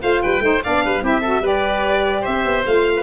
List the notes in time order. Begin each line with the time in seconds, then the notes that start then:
0.00 A3 F4 C5 F5
0.21 G3 B4 G5
0.40 A3 D#4 C5
0.63 B3 D4 D5 F5
0.85 G3 B4
1.02 C4 E4 G4 E5
1.20 F#4 A4
1.40 G3 G4 B4
1.46 D5
2.21 C4 C5 E5
2.45 B3
2.66 A3 F4 F5
2.96 B4